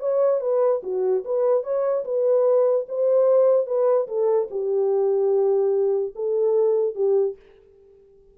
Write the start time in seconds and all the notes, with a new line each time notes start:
0.00 C#5
0.41 B4
0.83 F#4
1.25 B4
1.64 C#5
2.05 B4
2.88 C5
3.67 B4
4.08 A4
4.51 G4
6.16 A4
6.95 G4